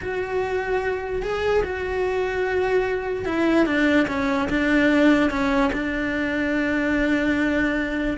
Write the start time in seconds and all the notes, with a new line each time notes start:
0.01 F#4
1.22 G#4
1.63 F#4
3.25 E4
3.66 D4
4.07 C#4
4.49 D4
5.30 C#4
5.73 D4